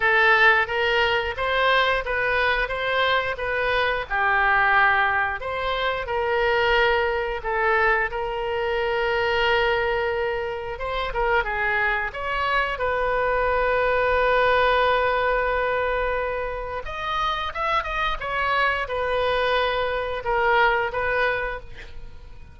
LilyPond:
\new Staff \with { instrumentName = "oboe" } { \time 4/4 \tempo 4 = 89 a'4 ais'4 c''4 b'4 | c''4 b'4 g'2 | c''4 ais'2 a'4 | ais'1 |
c''8 ais'8 gis'4 cis''4 b'4~ | b'1~ | b'4 dis''4 e''8 dis''8 cis''4 | b'2 ais'4 b'4 | }